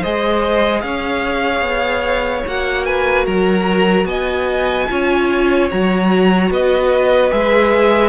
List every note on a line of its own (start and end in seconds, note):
0.00 0.82 G#3
0.00 2.47 G#4
0.00 0.81 C5
0.00 0.81 D#5
0.81 1.61 C#4
0.81 2.85 C#5
0.81 2.43 F5
1.61 2.42 B3
2.46 3.26 A#3
2.46 4.89 F#4
2.46 2.85 F#5
2.85 3.26 B4
2.85 3.25 G#5
3.26 4.04 F#3
3.26 4.07 A#4
3.26 4.06 A#5
4.04 4.85 B3
4.04 4.89 D#5
4.04 5.68 G#5
4.89 5.71 C#4
4.89 5.70 F4
4.89 6.52 C#5
5.70 6.50 F#3
5.70 7.30 F#4
5.70 6.51 A#5
6.50 7.31 B3
6.50 8.09 B4
6.50 7.31 D#5
7.30 8.09 G#3
7.30 8.09 G#4
7.30 8.09 E5